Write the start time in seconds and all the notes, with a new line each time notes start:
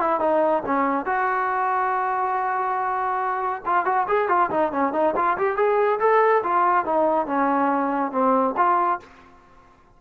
0.00 E4
0.20 D#4
0.66 C#4
1.06 F#4
3.66 F4
3.85 F#4
4.08 G#4
4.29 F4
4.51 D#4
4.72 C#4
4.93 D#4
5.16 F4
5.38 G4
5.57 G#4
6.00 A4
6.43 F4
6.86 D#4
7.26 C#4
8.12 C4
8.57 F4